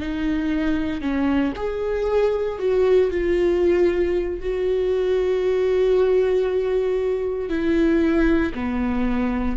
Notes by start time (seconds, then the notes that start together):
0.00 D#4
1.01 C#4
1.57 G#4
2.59 F#4
3.11 F4
4.41 F#4
7.50 E4
8.55 B3